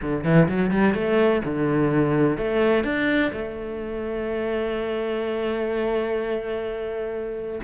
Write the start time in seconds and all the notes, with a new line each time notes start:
0.01 D3
0.24 E3
0.48 F#3
0.70 G3
0.94 A3
1.44 D3
2.37 A3
2.84 D4
3.32 A3